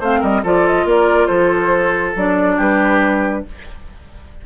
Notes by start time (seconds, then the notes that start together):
0.00 A3 C4 C5 F5
0.20 G3 A#4 D#5
0.44 F3 F4 A4 D5
0.68 D#5
0.85 A#3 A#4 D5
1.27 F3 A4 C5
2.16 F#3 D4 D5
2.57 G3 G4 B4